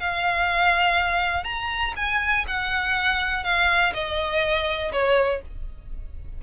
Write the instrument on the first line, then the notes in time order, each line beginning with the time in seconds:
violin
0.00 F5
1.44 A#5
1.96 G#5
2.48 F#5
3.44 F5
3.94 D#5
4.92 C#5